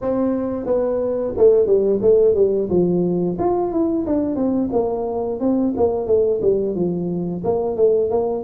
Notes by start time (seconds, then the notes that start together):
0.01 C4
0.66 B3
1.37 A3
1.66 G3
2.01 A3
2.34 G3
2.69 F3
3.39 F4
3.71 E4
4.06 D4
4.35 C4
4.72 A#3
5.40 C4
5.76 A#3
6.06 A3
6.41 G3
6.75 F3
7.43 A#3
7.76 A3
8.10 A#3